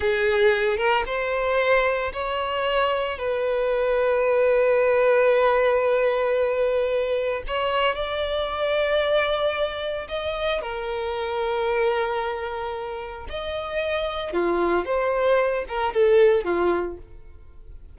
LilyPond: \new Staff \with { instrumentName = "violin" } { \time 4/4 \tempo 4 = 113 gis'4. ais'8 c''2 | cis''2 b'2~ | b'1~ | b'2 cis''4 d''4~ |
d''2. dis''4 | ais'1~ | ais'4 dis''2 f'4 | c''4. ais'8 a'4 f'4 | }